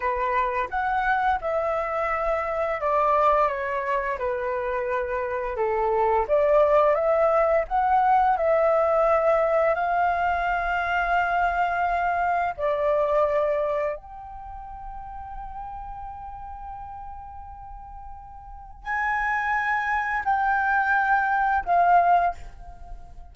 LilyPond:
\new Staff \with { instrumentName = "flute" } { \time 4/4 \tempo 4 = 86 b'4 fis''4 e''2 | d''4 cis''4 b'2 | a'4 d''4 e''4 fis''4 | e''2 f''2~ |
f''2 d''2 | g''1~ | g''2. gis''4~ | gis''4 g''2 f''4 | }